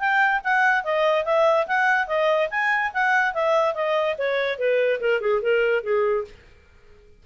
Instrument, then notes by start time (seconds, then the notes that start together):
clarinet
0.00 G5
0.44 F#5
0.84 D#5
1.25 E5
1.67 F#5
2.07 D#5
2.51 G#5
2.94 F#5
3.34 E5
3.75 D#5
4.18 C#5
4.59 B4
5.01 A#4
5.21 G#4
5.42 A#4
5.83 G#4